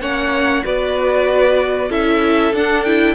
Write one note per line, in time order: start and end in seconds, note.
0.00 0.63 A#3
0.00 0.63 C#4
0.00 0.64 C#5
0.00 0.64 F#5
0.63 1.89 B3
0.63 1.90 F#4
0.63 1.89 B4
0.63 1.91 D5
1.89 2.52 C#4
1.89 2.53 E4
1.89 3.15 A4
1.89 2.55 E5
2.52 3.15 D4
2.52 2.86 D4
2.52 2.83 F#5
2.83 3.15 E4
2.83 3.15 G5